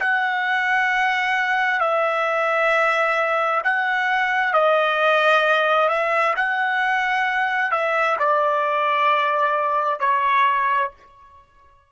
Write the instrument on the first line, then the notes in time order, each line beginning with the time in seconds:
trumpet
0.00 F#5
1.81 E5
3.64 F#5
4.54 D#5
5.89 E5
6.37 F#5
7.72 E5
8.19 D5
10.00 C#5